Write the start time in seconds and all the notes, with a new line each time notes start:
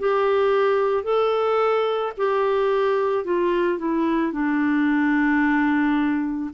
0.00 G4
1.04 A4
2.18 G4
3.25 F4
3.79 E4
4.33 D4